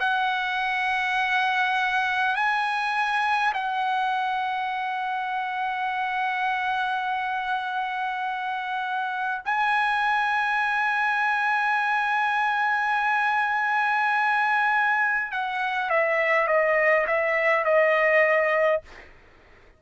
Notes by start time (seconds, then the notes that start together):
0.00 F#5
2.35 G#5
3.54 F#5
9.45 G#5
15.32 F#5
15.90 E5
16.48 D#5
17.07 E5
17.65 D#5